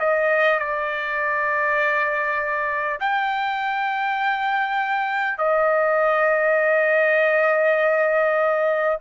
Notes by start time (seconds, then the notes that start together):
0.00 D#5
0.59 D5
3.01 G5
5.38 D#5